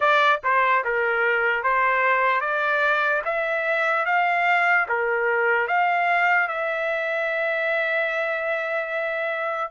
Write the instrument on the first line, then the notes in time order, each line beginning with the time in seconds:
trumpet
0.00 D5
0.43 C5
0.84 A#4
1.63 C5
2.41 D5
3.24 E5
4.05 F5
4.88 A#4
5.67 F5
6.48 E5